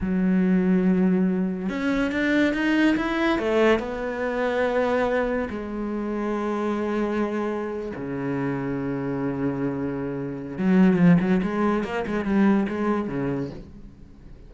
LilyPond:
\new Staff \with { instrumentName = "cello" } { \time 4/4 \tempo 4 = 142 fis1 | cis'4 d'4 dis'4 e'4 | a4 b2.~ | b4 gis2.~ |
gis2~ gis8. cis4~ cis16~ | cis1~ | cis4 fis4 f8 fis8 gis4 | ais8 gis8 g4 gis4 cis4 | }